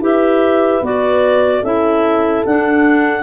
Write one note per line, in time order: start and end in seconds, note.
0.00 0.81 E4
0.00 0.82 G4
0.00 1.61 B4
0.00 0.85 E5
0.82 1.63 B3
0.82 1.64 F#4
0.82 1.64 D5
1.61 2.44 C#4
1.61 2.46 E4
1.61 3.23 A4
1.61 2.45 E5
2.46 3.23 D4
2.46 3.23 F#5